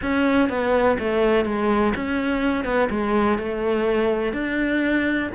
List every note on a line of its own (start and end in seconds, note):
0.01 0.49 C#4
0.49 0.97 B3
0.99 1.45 A3
1.45 1.93 G#3
1.95 2.64 C#4
2.64 2.88 B3
2.89 3.38 G#3
3.38 4.32 A3
4.32 5.29 D4